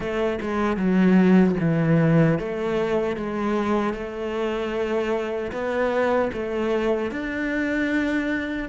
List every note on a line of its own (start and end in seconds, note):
0.00 0.39 A3
0.41 0.76 G#3
0.76 1.55 F#3
1.60 2.39 E3
2.39 3.16 A3
3.16 3.93 G#3
3.93 5.51 A3
5.52 6.31 B3
6.33 7.11 A3
7.11 8.68 D4